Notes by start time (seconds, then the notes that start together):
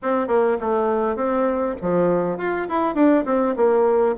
0.02 C4
0.27 A#3
0.60 A3
1.16 C4
1.81 F3
2.37 F4
2.68 E4
2.94 D4
3.25 C4
3.56 A#3